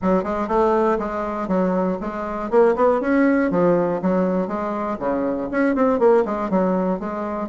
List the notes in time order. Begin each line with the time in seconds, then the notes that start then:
0.01 F#3
0.23 G#3
0.47 A3
0.98 G#3
1.47 F#3
2.00 G#3
2.50 A#3
2.75 B3
3.00 C#4
3.50 F3
4.02 F#3
4.47 G#3
4.99 C#3
5.51 C#4
5.75 C4
5.99 A#3
6.25 G#3
6.50 F#3
6.99 G#3